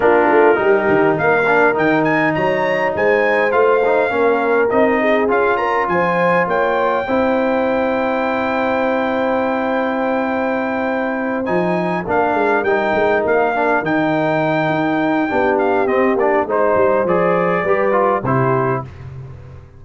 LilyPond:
<<
  \new Staff \with { instrumentName = "trumpet" } { \time 4/4 \tempo 4 = 102 ais'2 f''4 g''8 gis''8 | ais''4 gis''4 f''2 | dis''4 f''8 ais''8 gis''4 g''4~ | g''1~ |
g''2.~ g''8 gis''8~ | gis''8 f''4 g''4 f''4 g''8~ | g''2~ g''8 f''8 dis''8 d''8 | c''4 d''2 c''4 | }
  \new Staff \with { instrumentName = "horn" } { \time 4/4 f'4 g'4 ais'2 | cis''4 c''2 ais'4~ | ais'8 gis'4 ais'8 c''4 cis''4 | c''1~ |
c''1~ | c''8 ais'2.~ ais'8~ | ais'2 g'2 | c''2 b'4 g'4 | }
  \new Staff \with { instrumentName = "trombone" } { \time 4/4 d'4 dis'4. d'8 dis'4~ | dis'2 f'8 dis'8 cis'4 | dis'4 f'2. | e'1~ |
e'2.~ e'8 dis'8~ | dis'8 d'4 dis'4. d'8 dis'8~ | dis'2 d'4 c'8 d'8 | dis'4 gis'4 g'8 f'8 e'4 | }
  \new Staff \with { instrumentName = "tuba" } { \time 4/4 ais8 a8 g8 dis8 ais4 dis4 | fis4 gis4 a4 ais4 | c'4 cis'4 f4 ais4 | c'1~ |
c'2.~ c'8 f8~ | f8 ais8 gis8 g8 gis8 ais4 dis8~ | dis4 dis'4 b4 c'8 ais8 | gis8 g8 f4 g4 c4 | }
>>